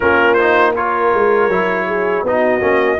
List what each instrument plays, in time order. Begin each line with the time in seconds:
0.00 tuba A#3, trombone C#4, horn F4, trumpet A#4
0.34 trombone D#4, trumpet C5
0.75 trombone F4, horn A#4, trumpet C#5
1.13 tuba G#3
1.48 tuba F#3, trombone E4
1.87 horn G#4
2.23 tuba B3, trombone D#4, horn F#4, trumpet D#5
2.60 tuba A#3, trombone C#4